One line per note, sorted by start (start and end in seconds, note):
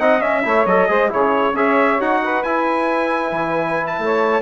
0.00 0.22 C4
0.00 0.22 D#4
0.00 0.44 D#5
0.00 0.22 F#5
0.22 0.43 C#4
0.22 0.44 C#4
0.22 0.66 E5
0.43 0.66 A3
0.43 0.66 E4
0.43 0.90 C#5
0.66 0.88 F#3
0.66 0.88 A4
0.66 1.11 D#5
0.88 1.12 G#3
0.88 1.10 G#4
0.88 1.11 C5
1.10 1.54 C#3
1.10 1.54 E4
1.10 1.54 G#4
1.10 1.56 C#5
1.54 1.98 C#4
1.54 2.00 G#4
1.54 2.21 C#5
1.54 2.01 E5
2.01 2.45 D#4
2.01 2.45 F#4
2.01 2.44 F#5
2.24 4.02 B4
2.44 3.32 E4
2.44 4.42 E4
2.44 3.87 G#5
3.32 3.99 E3
3.87 4.42 A5
3.99 4.42 A3
3.99 4.42 C#5